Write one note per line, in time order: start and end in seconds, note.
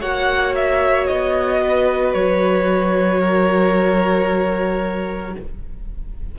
0.00 1.08 A#3
0.00 5.38 F#4
0.00 1.61 C#5
0.00 0.54 F#5
0.55 1.06 E5
1.06 2.14 B3
1.06 2.13 D#5
1.62 3.20 B4
2.13 5.35 F#3
2.13 5.35 C#5
3.20 5.34 A#4